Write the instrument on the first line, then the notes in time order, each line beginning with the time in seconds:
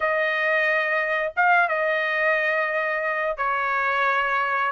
trumpet
0.00 D#5
1.36 F5
1.68 D#5
3.37 C#5